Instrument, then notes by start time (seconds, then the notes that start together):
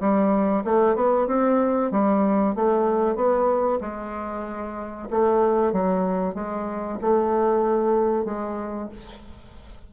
bassoon
0.00 G3
0.64 A3
0.96 B3
1.27 C4
1.91 G3
2.55 A3
3.16 B3
3.81 G#3
5.10 A3
5.72 F#3
6.35 G#3
7.01 A3
8.25 G#3